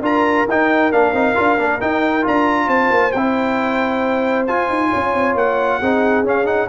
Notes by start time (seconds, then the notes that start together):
0.00 D4 F4 A#4 A#5
0.48 D#4 G5
0.92 A#3 D4 F5
1.12 C4 D#4
1.35 D4 F4
1.58 A#3 D4
1.80 D#4 G5
2.22 D4 F4 A#5
2.66 C4 C5 A5
2.90 A#3
3.12 C4 E4 G5
4.46 F4 G#5
4.69 D#4
4.90 C#4 C#5
5.14 C4
5.35 A#3 F#5
5.78 C4 D#4 G#4
6.23 C#4 F5
6.45 D#4 F#5